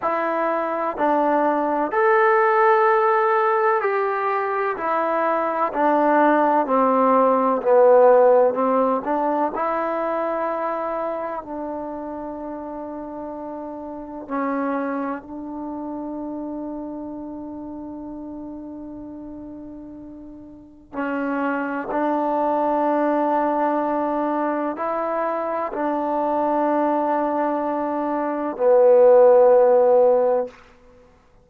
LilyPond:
\new Staff \with { instrumentName = "trombone" } { \time 4/4 \tempo 4 = 63 e'4 d'4 a'2 | g'4 e'4 d'4 c'4 | b4 c'8 d'8 e'2 | d'2. cis'4 |
d'1~ | d'2 cis'4 d'4~ | d'2 e'4 d'4~ | d'2 b2 | }